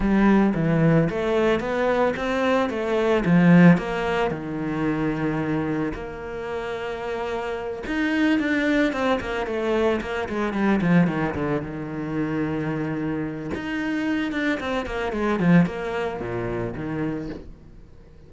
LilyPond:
\new Staff \with { instrumentName = "cello" } { \time 4/4 \tempo 4 = 111 g4 e4 a4 b4 | c'4 a4 f4 ais4 | dis2. ais4~ | ais2~ ais8 dis'4 d'8~ |
d'8 c'8 ais8 a4 ais8 gis8 g8 | f8 dis8 d8 dis2~ dis8~ | dis4 dis'4. d'8 c'8 ais8 | gis8 f8 ais4 ais,4 dis4 | }